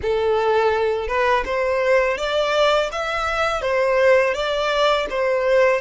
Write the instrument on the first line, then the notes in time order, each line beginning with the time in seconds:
violin
0.02 A4
1.07 B4
1.45 C5
2.17 D5
2.91 E5
3.61 C5
4.34 D5
5.10 C5